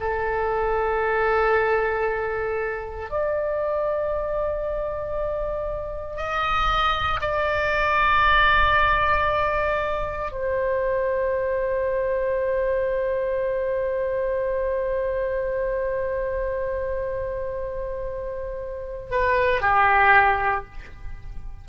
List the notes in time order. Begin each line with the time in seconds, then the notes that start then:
0.00 A4
3.10 D5
6.16 D#5
7.21 D5
10.32 C5
19.11 B4
19.61 G4